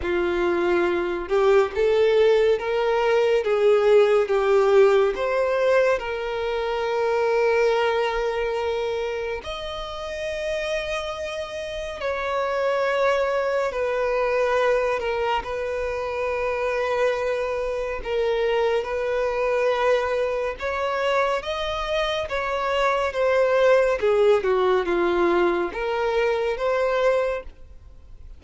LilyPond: \new Staff \with { instrumentName = "violin" } { \time 4/4 \tempo 4 = 70 f'4. g'8 a'4 ais'4 | gis'4 g'4 c''4 ais'4~ | ais'2. dis''4~ | dis''2 cis''2 |
b'4. ais'8 b'2~ | b'4 ais'4 b'2 | cis''4 dis''4 cis''4 c''4 | gis'8 fis'8 f'4 ais'4 c''4 | }